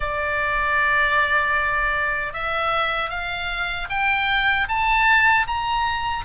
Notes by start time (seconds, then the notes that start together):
0.00 D5
2.33 E5
3.10 F5
3.89 G5
4.68 A5
5.47 A#5